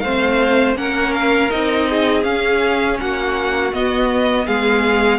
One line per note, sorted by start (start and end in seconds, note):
0.00 0.75 A3
0.00 0.76 C4
0.00 0.77 C5
0.00 0.74 F5
0.76 1.50 A#3
0.76 1.50 C#4
0.76 1.89 A#4
0.76 1.14 F#5
1.14 1.51 F5
1.50 2.25 C4
1.50 2.23 D#4
1.50 2.24 D#5
1.90 3.01 G#4
2.23 3.71 C#4
2.23 2.99 C#4
2.23 2.98 F5
3.00 3.73 A#3
3.00 4.46 F#4
3.00 3.74 F#5
3.73 5.20 B3
3.73 4.47 B3
3.73 4.47 D#5
4.46 5.20 G#3
4.46 5.20 G#4
4.46 5.20 F5